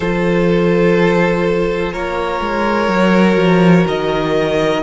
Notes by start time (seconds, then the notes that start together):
0.00 F3 F4 A4 C5
1.92 A#3 A#4 C#5
2.41 G#3
2.88 F#3 F#4
3.36 F3
3.87 D#3 D#5